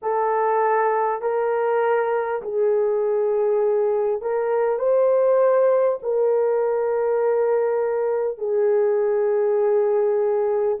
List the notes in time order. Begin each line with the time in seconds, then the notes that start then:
0.02 A4
1.21 A#4
2.42 G#4
4.21 A#4
4.78 C5
6.02 A#4
8.38 G#4